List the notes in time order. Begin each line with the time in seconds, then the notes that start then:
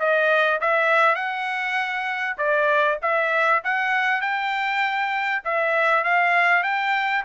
0.00 D#5
0.61 E5
1.16 F#5
2.38 D5
3.02 E5
3.65 F#5
4.22 G5
5.45 E5
6.05 F5
6.64 G5